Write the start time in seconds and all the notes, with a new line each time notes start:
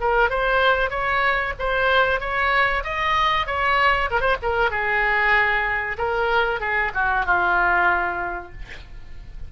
0.00 A#4
0.29 C5
0.90 C#5
1.58 C5
2.20 C#5
2.83 D#5
3.46 C#5
4.10 A#4
4.20 C5
4.42 A#4
4.70 G#4
5.97 A#4
6.60 G#4
6.94 F#4
7.25 F4